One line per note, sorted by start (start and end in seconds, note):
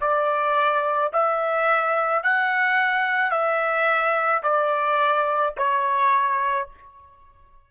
0.00 1.11 D5
1.12 2.23 E5
2.23 3.31 F#5
3.31 4.42 E5
4.42 5.54 D5
5.57 6.68 C#5